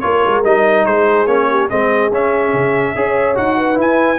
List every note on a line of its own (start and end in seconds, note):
0.00 0.25 A#3
0.00 0.43 F4
0.00 0.86 A#4
0.00 0.42 C#5
0.26 0.44 G#3
0.44 0.86 G3
0.44 1.27 D#4
0.44 0.85 D#5
0.85 1.27 G#3
0.85 1.49 G#4
0.85 1.27 C5
1.27 1.68 A#3
1.27 1.69 C#4
1.27 1.68 C#5
1.49 1.69 G4
1.69 2.11 G#3
1.69 2.11 C4
1.69 2.94 G#4
1.69 2.11 D#5
2.11 2.53 C#4
2.11 2.95 C#4
2.11 3.37 E5
2.53 2.95 C#3
2.95 3.37 C#4
2.95 3.35 G#4
2.95 3.57 C#5
3.35 3.78 D#4
3.35 3.74 F#4
3.35 3.78 F#5
3.57 4.19 B4
3.74 4.16 E4
3.74 4.19 E4
3.81 4.19 G#5